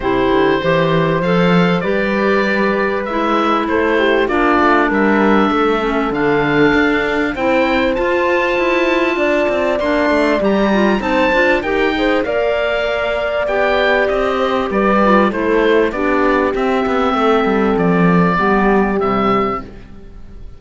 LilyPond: <<
  \new Staff \with { instrumentName = "oboe" } { \time 4/4 \tempo 4 = 98 c''2 f''4 d''4~ | d''4 e''4 c''4 d''4 | e''2 f''2 | g''4 a''2. |
c'''4 ais''4 a''4 g''4 | f''2 g''4 dis''4 | d''4 c''4 d''4 e''4~ | e''4 d''2 e''4 | }
  \new Staff \with { instrumentName = "horn" } { \time 4/4 g'4 c''2 b'4~ | b'2 a'8 g'8 f'4 | ais'4 a'2. | c''2. d''4~ |
d''2 c''4 ais'8 c''8 | d''2.~ d''8 c''8 | b'4 a'4 g'2 | a'2 g'2 | }
  \new Staff \with { instrumentName = "clarinet" } { \time 4/4 e'4 g'4 a'4 g'4~ | g'4 e'2 d'4~ | d'4. cis'8 d'2 | e'4 f'2. |
d'4 g'8 f'8 dis'8 f'8 g'8 gis'8 | ais'2 g'2~ | g'8 f'8 e'4 d'4 c'4~ | c'2 b4 g4 | }
  \new Staff \with { instrumentName = "cello" } { \time 4/4 c8 d8 e4 f4 g4~ | g4 gis4 a4 ais8 a8 | g4 a4 d4 d'4 | c'4 f'4 e'4 d'8 c'8 |
ais8 a8 g4 c'8 d'8 dis'4 | ais2 b4 c'4 | g4 a4 b4 c'8 b8 | a8 g8 f4 g4 c4 | }
>>